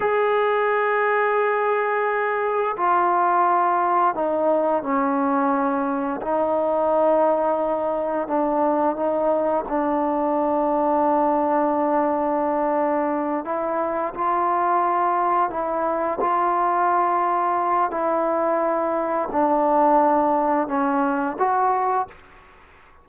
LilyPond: \new Staff \with { instrumentName = "trombone" } { \time 4/4 \tempo 4 = 87 gis'1 | f'2 dis'4 cis'4~ | cis'4 dis'2. | d'4 dis'4 d'2~ |
d'2.~ d'8 e'8~ | e'8 f'2 e'4 f'8~ | f'2 e'2 | d'2 cis'4 fis'4 | }